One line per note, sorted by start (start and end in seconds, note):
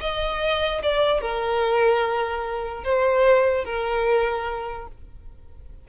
0.00 0.82 D#5
0.82 1.21 D5
1.21 2.84 A#4
2.84 3.65 C5
3.65 4.87 A#4